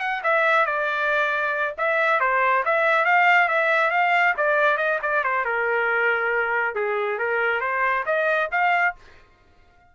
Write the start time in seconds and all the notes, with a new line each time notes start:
0.00 F#5
0.23 E5
0.66 D5
1.78 E5
2.20 C5
2.65 E5
3.05 F5
3.48 E5
3.90 F5
4.37 D5
4.77 D#5
5.02 D5
5.24 C5
5.45 A#4
6.75 G#4
7.18 A#4
7.60 C5
8.06 D#5
8.51 F5